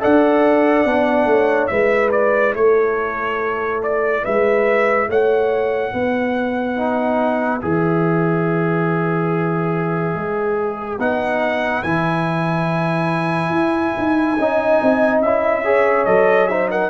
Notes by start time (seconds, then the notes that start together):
0.00 D4 A4 D5 F#5
0.85 B3 D4
1.25 A3 C#5
1.67 G#3 E4 B4 E5
2.11 D5
2.54 A3 A4 C#5
3.83 D5
4.22 G#3 B4 E5
5.08 A3 C#5 F#5
5.92 B3 B4
6.76 D#4
7.61 E3 G#4 E5
10.14 G#3
10.98 B3 D#4 F#5
11.82 E3 E4 G#5
13.49 E4
13.98 D#4
14.37 C#4 D#4 D#5
14.82 C4
15.21 C#4 E4 E5
15.64 G#4 C#5
16.05 F#3 A4 D#5
16.47 D#4 C5 E5
16.70 A#4 F#5